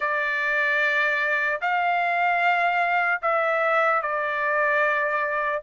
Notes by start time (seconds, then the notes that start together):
0.00 D5
1.61 F5
3.21 E5
4.01 D5